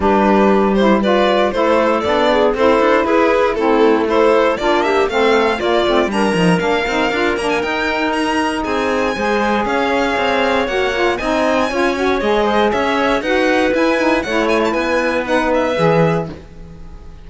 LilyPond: <<
  \new Staff \with { instrumentName = "violin" } { \time 4/4 \tempo 4 = 118 b'4. c''8 d''4 c''4 | d''4 c''4 b'4 a'4 | c''4 d''8 e''8 f''4 d''4 | ais''4 f''4. ais''16 gis''16 g''4 |
ais''4 gis''2 f''4~ | f''4 fis''4 gis''2 | dis''4 e''4 fis''4 gis''4 | fis''8 gis''16 a''16 gis''4 fis''8 e''4. | }
  \new Staff \with { instrumentName = "clarinet" } { \time 4/4 g'2 b'4 a'4~ | a'8 gis'8 a'4 gis'4 e'4 | a'4 f'8 g'8 a'4 f'4 | ais'1~ |
ais'4 gis'4 c''4 cis''4~ | cis''2 dis''4 cis''4~ | cis''8 c''8 cis''4 b'2 | cis''4 b'2. | }
  \new Staff \with { instrumentName = "saxophone" } { \time 4/4 d'4. e'8 f'4 e'4 | d'4 e'2 c'4 | e'4 d'4 c'4 ais8 c'8 | d'8 dis'8 d'8 dis'8 f'8 d'8 dis'4~ |
dis'2 gis'2~ | gis'4 fis'8 f'8 dis'4 f'8 fis'8 | gis'2 fis'4 e'8 dis'8 | e'2 dis'4 gis'4 | }
  \new Staff \with { instrumentName = "cello" } { \time 4/4 g2. a4 | b4 c'8 d'8 e'4 a4~ | a4 ais4 a4 ais8 a8 | g8 f8 ais8 c'8 d'8 ais8 dis'4~ |
dis'4 c'4 gis4 cis'4 | c'4 ais4 c'4 cis'4 | gis4 cis'4 dis'4 e'4 | a4 b2 e4 | }
>>